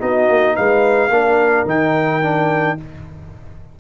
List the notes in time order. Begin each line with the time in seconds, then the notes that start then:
0.00 B3 D#4 F#4 D#5
0.29 A#3
0.56 G#3 B4 F5
1.09 A#3 D4 A#4
1.66 D#3 D#4 G5
2.23 D4